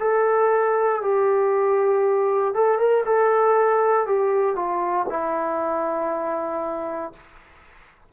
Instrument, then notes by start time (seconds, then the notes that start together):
trombone
0.00 A4
1.02 G4
2.54 A4
2.79 A#4
3.06 A4
4.07 G4
4.56 F4
5.09 E4